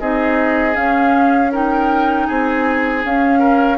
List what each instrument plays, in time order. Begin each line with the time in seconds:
0.00 bassoon C4, clarinet D#4, oboe G#4, flute D#5
0.74 clarinet C#4, bassoon C#4, flute F5
1.52 clarinet D#4, oboe A#4, flute G5
2.28 bassoon C4, oboe G#4, flute G#5
3.04 clarinet C#4, bassoon C#4, flute F5
3.40 oboe A#4